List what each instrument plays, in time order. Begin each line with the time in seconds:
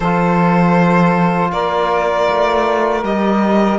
0.00 cello F3, trombone F4, saxophone A4, violin C5
1.51 cello A#3, saxophone A#4, violin D5
2.29 cello A3
3.03 cello G3, trombone G4, violin D#5